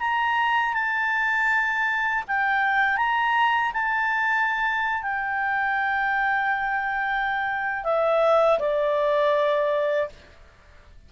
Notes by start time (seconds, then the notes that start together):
0.00 A#5
0.74 A5
2.28 G5
2.97 A#5
3.74 A5
5.03 G5
7.84 E5
8.60 D5